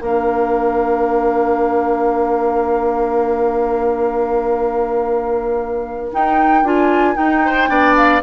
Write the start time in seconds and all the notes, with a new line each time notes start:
0.00 A#3 D4 A#4 F5
6.12 D#4 G5
6.63 D4 F4 G#5
7.15 D#4 G5
7.45 C5
7.68 B3 D4 D5
7.96 F5